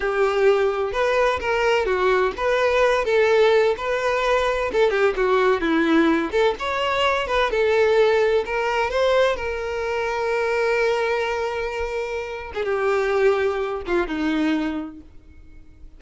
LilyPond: \new Staff \with { instrumentName = "violin" } { \time 4/4 \tempo 4 = 128 g'2 b'4 ais'4 | fis'4 b'4. a'4. | b'2 a'8 g'8 fis'4 | e'4. a'8 cis''4. b'8 |
a'2 ais'4 c''4 | ais'1~ | ais'2~ ais'8. gis'16 g'4~ | g'4. f'8 dis'2 | }